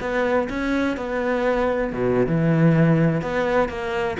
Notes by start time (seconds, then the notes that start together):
0.00 B3
0.49 C#4
0.97 B3
1.92 B2
2.26 E3
3.21 B3
3.68 A#3